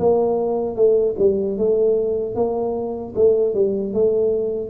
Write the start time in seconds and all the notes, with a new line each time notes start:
0.00 A#3
0.76 A3
1.19 G3
1.58 A3
2.35 A#3
3.16 A3
3.55 G3
3.94 A3